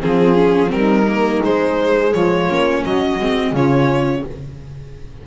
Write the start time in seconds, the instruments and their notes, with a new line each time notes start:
0.00 double bass F3, viola C4, saxophone F4, violin G#4
0.35 viola C#4
0.68 double bass G3, viola C4, violin A#4
0.76 saxophone D#4
1.08 viola A#3
1.44 viola G#3, double bass G#3, violin C5
2.12 double bass F3, saxophone F4, violin C#5
2.49 double bass A#3, viola C#4
2.82 double bass F#3, saxophone F#4, violin D#5
3.19 double bass G#3, viola C4
3.52 double bass C#3, viola C#4, saxophone F4, violin C#5